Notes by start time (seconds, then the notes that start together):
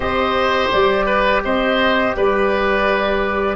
0.00 C4 G4 C5 D#5
0.71 G3 D5
1.05 B4
1.44 C4 C5 D#5
2.15 G3 B4 D5